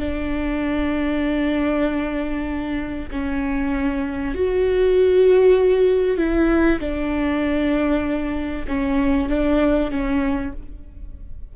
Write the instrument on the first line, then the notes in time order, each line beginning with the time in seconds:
viola
0.00 D4
3.11 C#4
4.35 F#4
6.18 E4
6.80 D4
8.68 C#4
9.29 D4
9.91 C#4